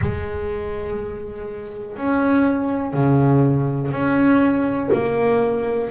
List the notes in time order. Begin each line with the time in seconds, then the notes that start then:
0.01 G#3
1.96 C#4
2.93 C#3
3.91 C#4
4.93 A#3